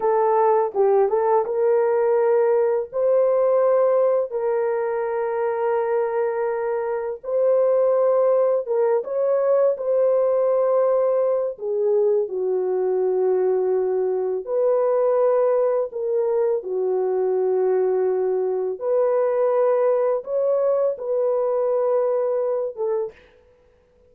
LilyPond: \new Staff \with { instrumentName = "horn" } { \time 4/4 \tempo 4 = 83 a'4 g'8 a'8 ais'2 | c''2 ais'2~ | ais'2 c''2 | ais'8 cis''4 c''2~ c''8 |
gis'4 fis'2. | b'2 ais'4 fis'4~ | fis'2 b'2 | cis''4 b'2~ b'8 a'8 | }